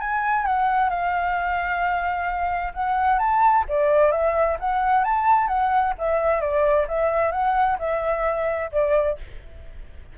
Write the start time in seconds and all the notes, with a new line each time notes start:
0.00 G#5
0.46 F#5
0.90 F5
2.74 F#5
3.19 A5
3.68 D5
4.12 E5
4.60 F#5
5.04 A5
5.48 F#5
5.98 E5
6.41 D5
6.88 E5
7.32 F#5
7.79 E5
8.72 D5